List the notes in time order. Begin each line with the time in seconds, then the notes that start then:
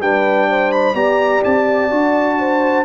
0.00 G3 D4 B4 G5
0.50 C5
0.72 B5
0.94 B3 G4 D5 A#5
1.44 C4 A5
1.90 D4 F#4
2.39 C5